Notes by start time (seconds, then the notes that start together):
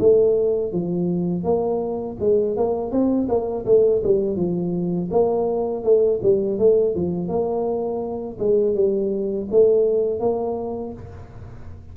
0.00 A3
0.73 F3
1.44 A#3
2.20 G#3
2.57 A#3
2.92 C4
3.29 A#3
3.66 A3
4.04 G3
4.36 F3
5.11 A#3
5.84 A3
6.23 G3
6.59 A3
6.95 F3
7.28 A#3
8.39 G#3
8.75 G3
9.51 A3
10.20 A#3